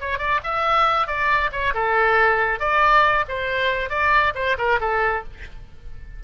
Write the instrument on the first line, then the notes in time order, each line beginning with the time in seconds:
oboe
0.00 C#5
0.18 D5
0.43 E5
1.07 D5
1.52 C#5
1.74 A4
2.59 D5
3.28 C5
3.89 D5
4.34 C5
4.58 A#4
4.80 A4